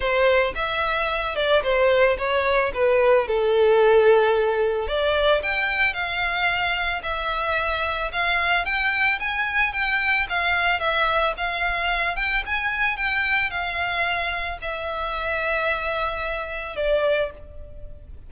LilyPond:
\new Staff \with { instrumentName = "violin" } { \time 4/4 \tempo 4 = 111 c''4 e''4. d''8 c''4 | cis''4 b'4 a'2~ | a'4 d''4 g''4 f''4~ | f''4 e''2 f''4 |
g''4 gis''4 g''4 f''4 | e''4 f''4. g''8 gis''4 | g''4 f''2 e''4~ | e''2. d''4 | }